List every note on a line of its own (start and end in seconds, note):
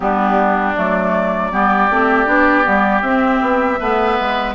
0.00 0.75 G3
0.00 0.74 B3
0.00 1.52 D4
0.00 0.75 G4
0.75 1.52 F#3
0.75 1.51 A3
0.75 3.01 D5
1.51 1.90 G3
1.51 1.89 B3
1.51 3.79 G4
1.90 2.26 A3
1.90 2.25 C4
2.25 2.64 B3
2.25 2.63 D4
2.63 3.02 G3
2.63 3.01 B3
3.01 3.40 C4
3.01 3.78 C4
3.01 4.53 E5
3.41 3.79 B3
3.79 4.18 A3
3.79 4.54 B3
3.79 4.54 B4
4.19 4.54 G#3